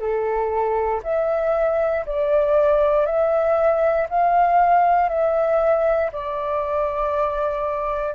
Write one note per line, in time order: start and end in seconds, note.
0.00 1.02 A4
1.04 2.05 E5
2.06 3.06 D5
3.06 4.08 E5
4.10 5.09 F5
5.09 6.11 E5
6.12 8.15 D5